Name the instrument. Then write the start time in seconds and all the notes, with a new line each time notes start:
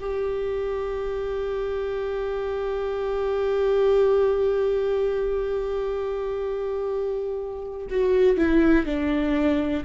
viola
0.00 G4
7.90 F#4
8.37 E4
8.86 D4